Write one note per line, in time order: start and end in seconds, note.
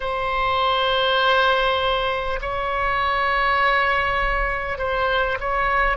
0.00 2.39 C5
2.41 4.78 C#5
4.78 5.38 C5
5.39 5.97 C#5